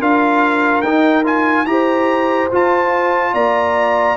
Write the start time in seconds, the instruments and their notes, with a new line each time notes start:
0.00 tuba D4, trombone F4, horn A#4, trumpet F5
0.82 tuba D#4, trombone D#4, trumpet G5
1.24 trombone F4, trumpet G#5
1.66 tuba E4, trombone G4, horn C5, trumpet A#5
2.52 trombone F4, tuba F4, trumpet A5
3.34 tuba A#3, horn D5, trumpet A#5